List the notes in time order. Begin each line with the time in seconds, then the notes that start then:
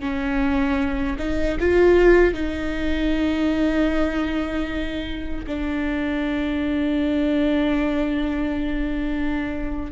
0.00 C#4
1.19 D#4
1.60 F4
2.34 D#4
5.47 D4